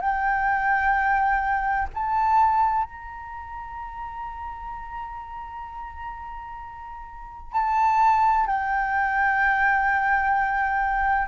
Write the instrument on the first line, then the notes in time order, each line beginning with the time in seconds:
flute
0.00 G5
1.94 A5
2.84 A#5
7.53 A5
8.46 G5